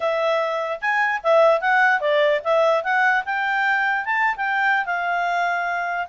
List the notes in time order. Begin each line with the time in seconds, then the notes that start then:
0.00 E5
0.81 G#5
1.23 E5
1.60 F#5
2.00 D5
2.44 E5
2.83 F#5
3.25 G5
4.05 A5
4.36 G5
4.85 F5